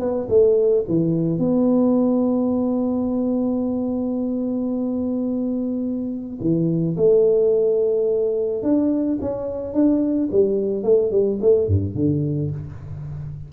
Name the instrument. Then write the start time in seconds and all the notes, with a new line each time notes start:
tuba
0.00 B3
0.29 A3
0.88 E3
1.39 B3
6.41 E3
6.97 A3
8.63 D4
9.21 C#4
9.74 D4
10.32 G3
10.84 A3
11.11 G3
11.42 A3
11.67 G2
11.95 D3